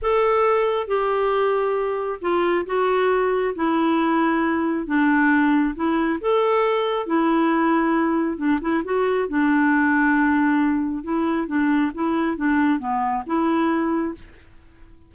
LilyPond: \new Staff \with { instrumentName = "clarinet" } { \time 4/4 \tempo 4 = 136 a'2 g'2~ | g'4 f'4 fis'2 | e'2. d'4~ | d'4 e'4 a'2 |
e'2. d'8 e'8 | fis'4 d'2.~ | d'4 e'4 d'4 e'4 | d'4 b4 e'2 | }